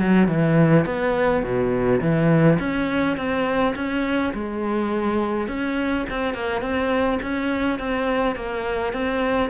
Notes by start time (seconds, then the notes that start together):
0.00 F#3
0.28 E3
0.86 B3
1.43 B2
2.02 E3
2.60 C#4
3.17 C4
3.76 C#4
4.34 G#3
5.48 C#4
6.10 C4
6.35 A#3
6.62 C4
7.23 C#4
7.79 C4
8.36 A#3
8.94 C4